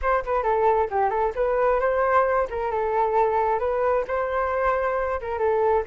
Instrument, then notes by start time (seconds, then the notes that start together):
flute
0.01 C5
0.24 B4
0.43 A4
0.90 G4
1.10 A4
1.35 B4
1.80 C5
2.50 A#4
2.71 A4
3.59 B4
4.07 C5
5.20 A#4
5.38 A4